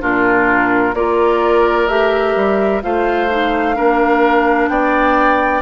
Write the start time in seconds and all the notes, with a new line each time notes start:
0.00 A#2 D4 F4 A#4
0.94 A#3 F4 A#4 D5
1.87 A3 G4 E5
2.35 G3
2.82 A3 F4 C5 F5
3.29 D#4
3.74 A#3 D4 A#4
4.68 B3 D5 G5